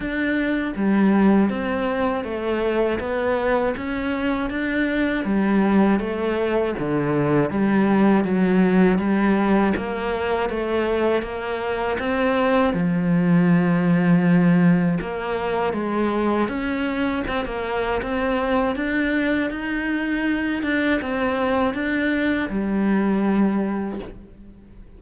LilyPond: \new Staff \with { instrumentName = "cello" } { \time 4/4 \tempo 4 = 80 d'4 g4 c'4 a4 | b4 cis'4 d'4 g4 | a4 d4 g4 fis4 | g4 ais4 a4 ais4 |
c'4 f2. | ais4 gis4 cis'4 c'16 ais8. | c'4 d'4 dis'4. d'8 | c'4 d'4 g2 | }